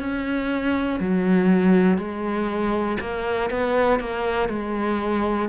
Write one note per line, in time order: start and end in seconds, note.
0.00 1.00 C#4
1.00 1.98 F#3
1.98 2.98 G#3
3.00 3.50 A#3
3.50 4.00 B3
4.00 4.50 A#3
4.50 5.49 G#3